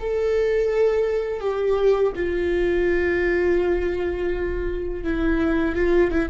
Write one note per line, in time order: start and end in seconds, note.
0.00 1.41 A4
1.41 2.13 G4
2.16 5.04 F4
5.04 5.76 E4
5.76 6.12 F4
6.12 6.30 E4